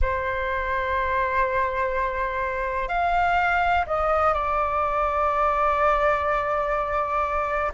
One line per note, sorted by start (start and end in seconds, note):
0.01 2.88 C5
2.88 3.85 F5
3.86 4.33 D#5
4.33 7.72 D5